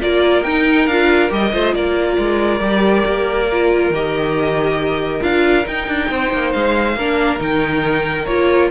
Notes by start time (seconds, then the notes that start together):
0.00 A#3 F4 A#4 D5
0.43 D#4 G5
0.86 D4 F4 F5
1.29 G3 G4 D#5
1.53 A3 F4 C5
1.74 A#3 A#4 D5
2.18 G#3
2.60 G3 G4
3.05 A#3
3.52 F4
3.89 D#3 G4 D#5
5.21 D4 F4 F5
5.64 D#4 G5
5.87 D4
6.10 C4 C5
6.32 A#3
6.52 G#3 F5
6.96 A#3 D4 A#4
7.38 D#3 D#4 G5
8.25 A#3 F4 C#5